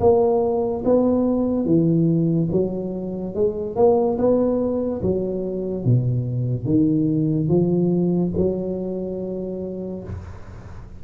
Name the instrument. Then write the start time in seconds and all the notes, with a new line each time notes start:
tuba
0.00 A#3
0.84 B3
1.65 E3
2.52 F#3
3.34 G#3
3.76 A#3
4.18 B3
5.02 F#3
5.84 B2
6.65 D#3
7.48 F3
8.36 F#3